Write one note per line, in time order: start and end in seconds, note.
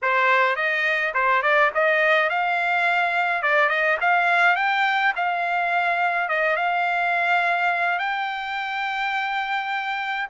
0.02 0.56 C5
0.56 1.13 D#5
1.14 1.42 C5
1.42 1.71 D5
1.74 2.29 D#5
2.29 3.42 F5
3.42 3.69 D5
3.69 3.97 D#5
4.01 4.56 F5
4.56 5.13 G5
5.16 6.28 F5
6.28 6.56 D#5
6.56 7.98 F5
7.98 10.27 G5